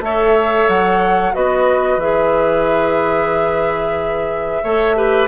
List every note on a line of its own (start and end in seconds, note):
0.00 0.66 A3
0.00 1.33 A4
0.00 1.34 C#5
0.00 0.69 E5
0.68 1.34 F#3
0.68 1.34 F#5
1.33 1.97 B3
1.33 1.99 F#4
1.33 4.63 B4
1.33 2.00 D#5
1.97 4.60 E3
1.97 4.64 G#4
1.97 5.28 E5
4.63 5.28 A3
4.63 4.95 A4
4.63 4.96 C#5
4.95 5.28 G4
4.95 5.28 B4